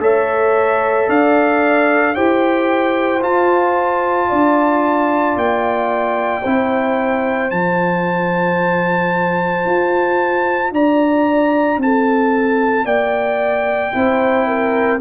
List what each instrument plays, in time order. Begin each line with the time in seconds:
0.00 tuba A3, trombone A4, horn C#5, trumpet E5
1.09 tuba D4, horn D5, trumpet F5
2.15 tuba E4, trombone G4, horn C5, trumpet G5
3.22 trombone F4, tuba F4, trumpet A5
4.29 tuba D4, horn D5
5.37 tuba A#3, trumpet G5
6.43 tuba C4, trombone E4, horn C5
7.51 tuba F3, trombone F4, trumpet A5
9.66 tuba F4
10.72 tuba D4, horn D5, trumpet A#5
11.78 tuba C4, trumpet A5
11.84 horn A4
12.85 tuba A#3, horn D5, trumpet G5
13.93 tuba C4, trombone E4, horn C5
14.48 horn A#4